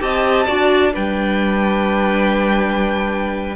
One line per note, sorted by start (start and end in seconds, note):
0.00 0.47 C4
0.00 0.46 G4
0.00 0.47 D#5
0.00 0.93 A5
0.47 0.95 D4
0.47 0.91 F#4
0.47 0.92 D5
0.91 3.55 G3
0.91 3.54 D4
0.91 3.55 B4
0.91 3.55 G5